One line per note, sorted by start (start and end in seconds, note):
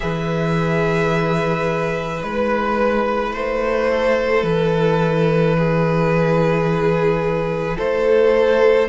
0.00 2.23 E3
0.00 2.20 G#4
0.00 3.90 B4
0.00 2.22 E5
2.20 3.34 G#3
2.20 8.87 E4
2.20 3.33 B4
3.33 4.43 A3
3.33 4.43 C5
3.90 5.57 A4
4.43 7.76 E3
4.43 7.77 B4
5.57 7.77 G#4
7.77 8.88 A3
7.77 8.88 A4
7.77 8.88 C5